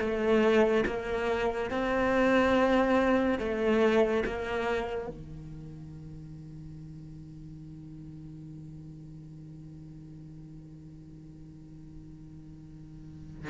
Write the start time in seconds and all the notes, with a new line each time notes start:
0.00 A3
0.86 A#3
1.71 C4
3.39 A3
4.26 A#3
5.08 D#3